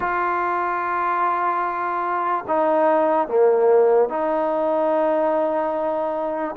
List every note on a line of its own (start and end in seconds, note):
0.00 2.44 F4
2.47 3.28 D#4
3.28 4.09 A#3
4.09 6.55 D#4